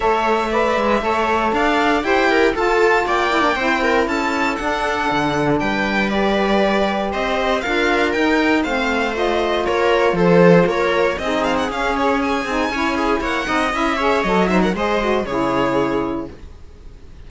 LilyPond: <<
  \new Staff \with { instrumentName = "violin" } { \time 4/4 \tempo 4 = 118 e''2. f''4 | g''4 a''4 g''2 | a''4 fis''2 g''4 | d''2 dis''4 f''4 |
g''4 f''4 dis''4 cis''4 | c''4 cis''4 dis''8 f''16 fis''16 f''8 cis''8 | gis''2 fis''4 e''4 | dis''8 e''16 fis''16 dis''4 cis''2 | }
  \new Staff \with { instrumentName = "viola" } { \time 4/4 cis''4 d''4 cis''4 d''4 | c''8 ais'8 a'4 d''4 c''8 ais'8 | a'2. b'4~ | b'2 c''4 ais'4~ |
ais'4 c''2 ais'4 | a'4 ais'4 gis'2~ | gis'4 cis''8 gis'8 cis''8 dis''4 cis''8~ | cis''8 c''16 ais'16 c''4 gis'2 | }
  \new Staff \with { instrumentName = "saxophone" } { \time 4/4 a'4 b'4 a'2 | g'4 f'4. e'16 d'16 e'4~ | e'4 d'2. | g'2. f'4 |
dis'4 c'4 f'2~ | f'2 dis'4 cis'4~ | cis'8 dis'8 e'4. dis'8 e'8 gis'8 | a'8 dis'8 gis'8 fis'8 e'2 | }
  \new Staff \with { instrumentName = "cello" } { \time 4/4 a4. gis8 a4 d'4 | e'4 f'4 ais4 c'4 | cis'4 d'4 d4 g4~ | g2 c'4 d'4 |
dis'4 a2 ais4 | f4 ais4 c'4 cis'4~ | cis'8 c'8 cis'4 ais8 c'8 cis'4 | fis4 gis4 cis2 | }
>>